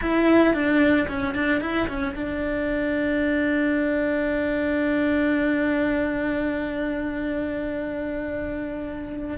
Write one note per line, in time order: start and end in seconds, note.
0.01 0.53 E4
0.53 1.07 D4
1.08 1.34 C#4
1.34 1.60 D4
1.60 1.87 E4
1.88 2.15 C#4
2.15 9.37 D4